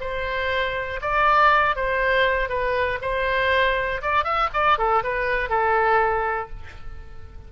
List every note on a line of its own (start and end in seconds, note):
0.00 1.00 C5
1.01 1.75 D5
1.75 2.49 C5
2.49 2.99 B4
3.01 4.01 C5
4.01 4.24 D5
4.24 4.49 E5
4.53 4.78 D5
4.78 5.03 A4
5.03 5.49 B4
5.49 6.49 A4